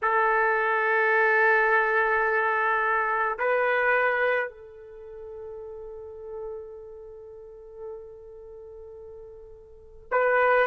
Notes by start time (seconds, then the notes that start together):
0.02 A4
3.38 B4
4.48 A4
10.11 B4